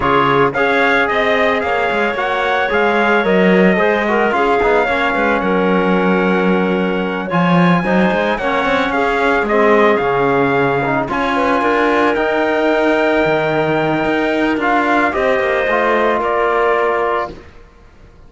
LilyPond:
<<
  \new Staff \with { instrumentName = "trumpet" } { \time 4/4 \tempo 4 = 111 cis''4 f''4 dis''4 f''4 | fis''4 f''4 dis''2 | f''2 fis''2~ | fis''4. gis''2 fis''8~ |
fis''8 f''4 dis''4 f''4.~ | f''8 gis''2 g''4.~ | g''2. f''4 | dis''2 d''2 | }
  \new Staff \with { instrumentName = "clarinet" } { \time 4/4 gis'4 cis''4 dis''4 cis''4~ | cis''2. c''8 ais'8 | gis'4 cis''8 b'8 ais'2~ | ais'4. cis''4 c''4 cis''8~ |
cis''8 gis'2.~ gis'8~ | gis'8 cis''8 b'8 ais'2~ ais'8~ | ais'1 | c''2 ais'2 | }
  \new Staff \with { instrumentName = "trombone" } { \time 4/4 f'4 gis'2. | fis'4 gis'4 ais'4 gis'8 fis'8 | f'8 dis'8 cis'2.~ | cis'4. f'4 dis'4 cis'8~ |
cis'4. c'4 cis'4. | dis'8 f'2 dis'4.~ | dis'2. f'4 | g'4 f'2. | }
  \new Staff \with { instrumentName = "cello" } { \time 4/4 cis4 cis'4 c'4 ais8 gis8 | ais4 gis4 fis4 gis4 | cis'8 b8 ais8 gis8 fis2~ | fis4. f4 fis8 gis8 ais8 |
c'8 cis'4 gis4 cis4.~ | cis8 cis'4 d'4 dis'4.~ | dis'8 dis4. dis'4 d'4 | c'8 ais8 a4 ais2 | }
>>